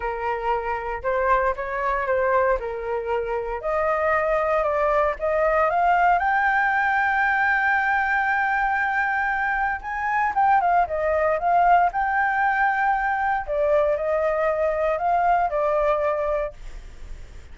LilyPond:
\new Staff \with { instrumentName = "flute" } { \time 4/4 \tempo 4 = 116 ais'2 c''4 cis''4 | c''4 ais'2 dis''4~ | dis''4 d''4 dis''4 f''4 | g''1~ |
g''2. gis''4 | g''8 f''8 dis''4 f''4 g''4~ | g''2 d''4 dis''4~ | dis''4 f''4 d''2 | }